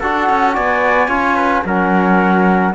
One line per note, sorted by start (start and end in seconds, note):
0.00 0.29 D4
0.00 1.09 F#4
0.00 0.54 A4
0.00 0.54 F#5
0.29 0.57 C#4
0.54 1.08 B3
0.54 1.09 D5
0.54 1.64 G#5
1.08 1.63 C#4
1.08 1.64 F4
1.08 1.36 C#5
1.36 1.63 B4
1.64 2.74 F#3
1.64 2.75 C#4
1.64 2.75 A#4
1.64 2.75 F#5